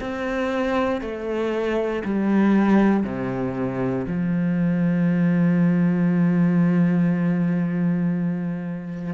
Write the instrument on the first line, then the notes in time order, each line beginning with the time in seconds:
cello
0.00 C4
1.01 A3
2.04 G3
3.04 C3
4.07 F3